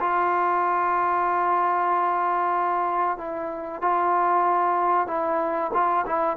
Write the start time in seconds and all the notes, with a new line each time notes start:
0.00 F4
3.18 E4
3.82 F4
5.07 E4
5.74 F4
6.06 E4